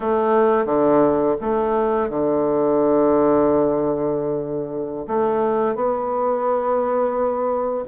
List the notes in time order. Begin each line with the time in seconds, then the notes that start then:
0.00 A3
0.65 D3
1.40 A3
2.09 D3
5.07 A3
5.75 B3